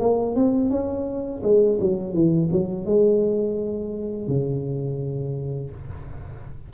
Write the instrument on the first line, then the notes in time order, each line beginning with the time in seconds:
tuba
0.00 A#3
0.36 C4
0.70 C#4
1.43 G#3
1.81 F#3
2.14 E3
2.52 F#3
2.86 G#3
4.28 C#3